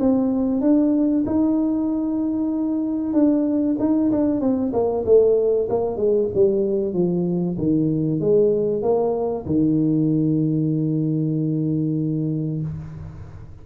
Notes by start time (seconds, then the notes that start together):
0.00 C4
0.61 D4
1.26 D#4
3.13 D4
3.80 D#4
4.11 D4
4.41 C4
4.73 A#3
5.05 A3
5.70 A#3
5.97 G#3
6.34 G3
6.94 F3
7.58 D#3
8.20 G#3
8.82 A#3
9.46 D#3